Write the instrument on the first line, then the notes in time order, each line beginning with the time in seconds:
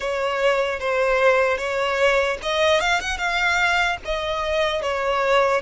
violin
0.00 C#5
0.79 C5
1.57 C#5
2.42 D#5
2.80 F5
3.00 F#5
3.17 F5
4.04 D#5
4.81 C#5